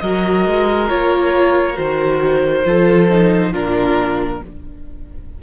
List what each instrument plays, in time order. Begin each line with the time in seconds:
0.00 cello F#3, viola F#4, violin A#4 D#5
0.47 cello G#3
0.89 cello A#3, viola F4, violin C#5
1.74 cello D#3, viola F#4, violin C5
2.65 cello F3, viola F4, violin A4
3.10 viola D#4
3.51 cello A#2, viola D4, violin F4 A#4